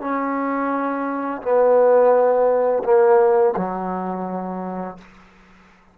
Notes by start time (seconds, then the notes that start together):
0.00 C#4
1.41 B3
2.83 A#3
3.56 F#3